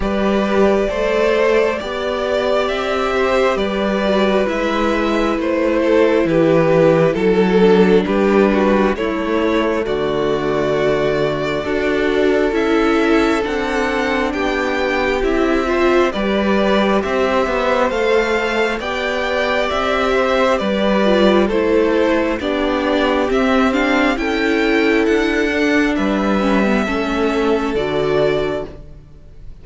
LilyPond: <<
  \new Staff \with { instrumentName = "violin" } { \time 4/4 \tempo 4 = 67 d''2. e''4 | d''4 e''4 c''4 b'4 | a'4 b'4 cis''4 d''4~ | d''2 e''4 fis''4 |
g''4 e''4 d''4 e''4 | f''4 g''4 e''4 d''4 | c''4 d''4 e''8 f''8 g''4 | fis''4 e''2 d''4 | }
  \new Staff \with { instrumentName = "violin" } { \time 4/4 b'4 c''4 d''4. c''8 | b'2~ b'8 a'8 g'4 | a'4 g'8 fis'8 e'4 fis'4~ | fis'4 a'2. |
g'4. c''8 b'4 c''4~ | c''4 d''4. c''8 b'4 | a'4 g'2 a'4~ | a'4 b'4 a'2 | }
  \new Staff \with { instrumentName = "viola" } { \time 4/4 g'4 a'4 g'2~ | g'8 fis'8 e'2.~ | e'8 d'4. a2~ | a4 fis'4 e'4 d'4~ |
d'4 e'8 f'8 g'2 | a'4 g'2~ g'8 f'8 | e'4 d'4 c'8 d'8 e'4~ | e'8 d'4 cis'16 b16 cis'4 fis'4 | }
  \new Staff \with { instrumentName = "cello" } { \time 4/4 g4 a4 b4 c'4 | g4 gis4 a4 e4 | fis4 g4 a4 d4~ | d4 d'4 cis'4 c'4 |
b4 c'4 g4 c'8 b8 | a4 b4 c'4 g4 | a4 b4 c'4 cis'4 | d'4 g4 a4 d4 | }
>>